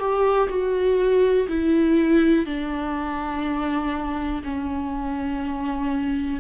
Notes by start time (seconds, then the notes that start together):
0.00 G4
0.50 F#4
1.49 E4
2.46 D4
4.44 C#4